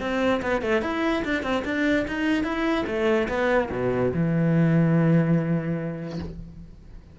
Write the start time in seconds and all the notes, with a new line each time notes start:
0.00 C4
0.42 B3
0.61 A3
0.82 E4
1.24 D4
1.43 C4
1.65 D4
2.08 D#4
2.44 E4
2.87 A3
3.29 B3
3.71 B2
4.14 E3